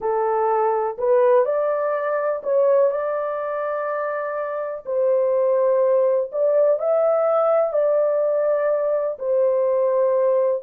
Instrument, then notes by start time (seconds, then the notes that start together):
horn
0.00 A4
0.98 B4
1.45 D5
2.43 C#5
2.90 D5
4.85 C5
6.31 D5
6.79 E5
7.72 D5
9.18 C5